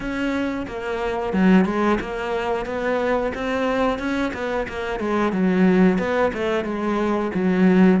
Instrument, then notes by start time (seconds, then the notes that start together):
cello
0.00 C#4
0.67 A#3
1.33 F#3
1.65 G#3
2.00 A#3
2.65 B3
3.34 C4
3.98 C#4
4.33 B3
4.68 A#3
4.99 G#3
5.32 F#3
5.98 B3
6.33 A3
6.64 G#3
7.34 F#3